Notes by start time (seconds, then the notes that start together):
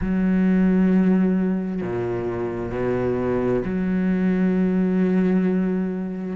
0.01 F#3
1.81 A#2
2.71 B2
3.64 F#3